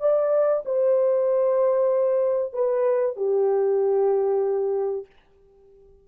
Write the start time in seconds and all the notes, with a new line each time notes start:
0.00 D5
0.65 C5
2.53 B4
3.16 G4